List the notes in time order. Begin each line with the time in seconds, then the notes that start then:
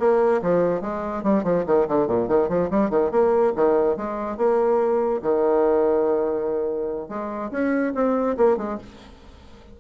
0.00 A#3
0.43 F3
0.82 G#3
1.24 G3
1.44 F3
1.67 D#3
1.89 D3
2.08 A#2
2.29 D#3
2.49 F3
2.71 G3
2.91 D#3
3.12 A#3
3.56 D#3
3.97 G#3
4.38 A#3
5.22 D#3
7.09 G#3
7.52 C#4
7.95 C4
8.38 A#3
8.58 G#3